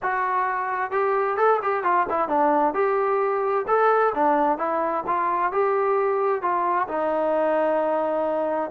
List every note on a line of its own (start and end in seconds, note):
0.02 0.91 F#4
0.91 1.37 G4
1.37 1.59 A4
1.62 1.83 G4
1.83 2.06 F4
2.09 2.28 E4
2.28 2.74 D4
2.74 3.65 G4
3.67 4.13 A4
4.14 4.58 D4
4.58 5.03 E4
5.06 5.52 F4
5.52 6.41 G4
6.41 6.87 F4
6.88 8.70 D#4